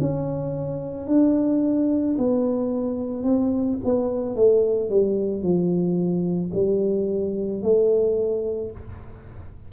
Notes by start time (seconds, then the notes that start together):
0.00 C#4
1.07 D4
2.18 B3
3.23 C4
3.84 B3
4.35 A3
4.89 G3
5.42 F3
6.54 G3
7.62 A3